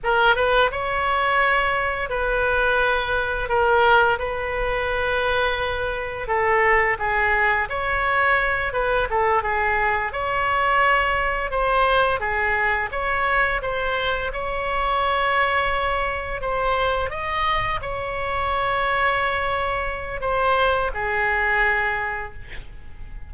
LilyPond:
\new Staff \with { instrumentName = "oboe" } { \time 4/4 \tempo 4 = 86 ais'8 b'8 cis''2 b'4~ | b'4 ais'4 b'2~ | b'4 a'4 gis'4 cis''4~ | cis''8 b'8 a'8 gis'4 cis''4.~ |
cis''8 c''4 gis'4 cis''4 c''8~ | c''8 cis''2. c''8~ | c''8 dis''4 cis''2~ cis''8~ | cis''4 c''4 gis'2 | }